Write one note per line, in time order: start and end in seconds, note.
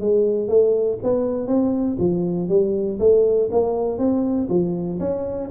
0.00 0.48 G#3
0.48 0.98 A3
1.03 1.47 B3
1.47 1.97 C4
1.99 2.49 F3
2.49 2.99 G3
3.00 3.50 A3
3.51 3.98 A#3
3.98 4.48 C4
4.49 4.99 F3
5.00 5.50 C#4